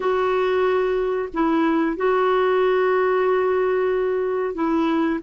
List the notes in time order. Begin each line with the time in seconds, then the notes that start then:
0.00 F#4
1.33 E4
1.96 F#4
4.54 E4